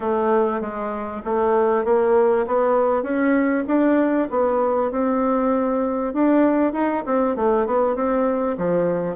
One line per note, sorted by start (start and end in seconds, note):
0.00 0.60 A3
0.60 1.21 G#3
1.24 1.85 A3
1.85 2.46 A#3
2.46 3.03 B3
3.03 3.64 C#4
3.67 4.28 D4
4.30 4.91 B3
4.91 6.13 C4
6.13 6.72 D4
6.72 7.03 D#4
7.05 7.36 C4
7.36 7.66 A3
7.66 7.95 B3
7.95 8.56 C4
8.57 9.15 F3